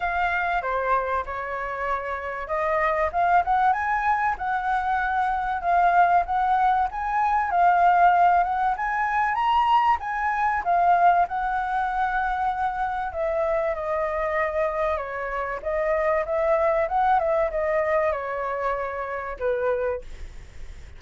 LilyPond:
\new Staff \with { instrumentName = "flute" } { \time 4/4 \tempo 4 = 96 f''4 c''4 cis''2 | dis''4 f''8 fis''8 gis''4 fis''4~ | fis''4 f''4 fis''4 gis''4 | f''4. fis''8 gis''4 ais''4 |
gis''4 f''4 fis''2~ | fis''4 e''4 dis''2 | cis''4 dis''4 e''4 fis''8 e''8 | dis''4 cis''2 b'4 | }